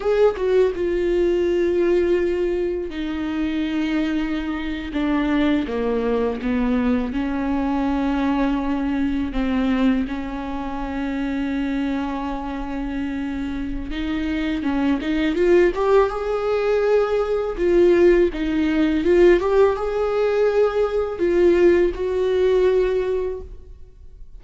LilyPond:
\new Staff \with { instrumentName = "viola" } { \time 4/4 \tempo 4 = 82 gis'8 fis'8 f'2. | dis'2~ dis'8. d'4 ais16~ | ais8. b4 cis'2~ cis'16~ | cis'8. c'4 cis'2~ cis'16~ |
cis'2. dis'4 | cis'8 dis'8 f'8 g'8 gis'2 | f'4 dis'4 f'8 g'8 gis'4~ | gis'4 f'4 fis'2 | }